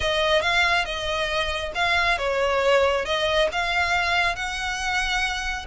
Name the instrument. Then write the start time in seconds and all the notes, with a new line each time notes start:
violin
0.00 D#5
0.41 F5
0.85 D#5
1.74 F5
2.18 C#5
3.05 D#5
3.51 F5
4.35 F#5